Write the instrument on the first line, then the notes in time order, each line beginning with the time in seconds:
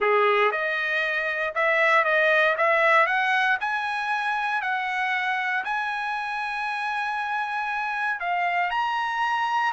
trumpet
0.00 G#4
0.51 D#5
1.55 E5
2.04 D#5
2.57 E5
3.06 F#5
3.60 G#5
4.61 F#5
5.64 G#5
8.20 F5
8.70 A#5